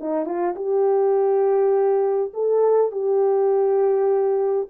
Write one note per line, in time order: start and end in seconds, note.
0.00 0.25 D#4
0.25 0.55 F4
0.55 2.32 G4
2.34 2.91 A4
2.91 4.68 G4